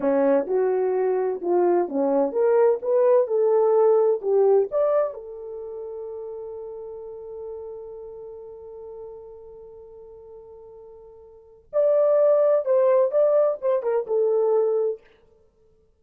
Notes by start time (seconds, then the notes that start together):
0.00 C#4
0.47 F#4
1.41 F4
1.88 C#4
2.31 A#4
2.81 B4
3.27 A4
4.21 G4
4.71 D5
5.13 A4
11.73 D5
12.65 C5
13.11 D5
13.61 C5
13.82 A#4
14.06 A4